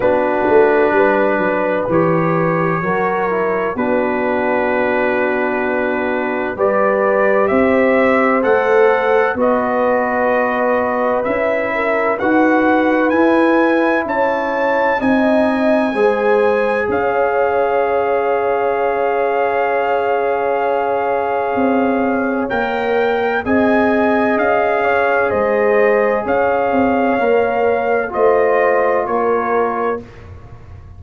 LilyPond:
<<
  \new Staff \with { instrumentName = "trumpet" } { \time 4/4 \tempo 4 = 64 b'2 cis''2 | b'2. d''4 | e''4 fis''4 dis''2 | e''4 fis''4 gis''4 a''4 |
gis''2 f''2~ | f''1 | g''4 gis''4 f''4 dis''4 | f''2 dis''4 cis''4 | }
  \new Staff \with { instrumentName = "horn" } { \time 4/4 fis'4 b'2 ais'4 | fis'2. b'4 | c''2 b'2~ | b'8 ais'8 b'2 cis''4 |
dis''4 c''4 cis''2~ | cis''1~ | cis''4 dis''4. cis''8 c''4 | cis''2 c''4 ais'4 | }
  \new Staff \with { instrumentName = "trombone" } { \time 4/4 d'2 g'4 fis'8 e'8 | d'2. g'4~ | g'4 a'4 fis'2 | e'4 fis'4 e'2 |
dis'4 gis'2.~ | gis'1 | ais'4 gis'2.~ | gis'4 ais'4 f'2 | }
  \new Staff \with { instrumentName = "tuba" } { \time 4/4 b8 a8 g8 fis8 e4 fis4 | b2. g4 | c'4 a4 b2 | cis'4 dis'4 e'4 cis'4 |
c'4 gis4 cis'2~ | cis'2. c'4 | ais4 c'4 cis'4 gis4 | cis'8 c'8 ais4 a4 ais4 | }
>>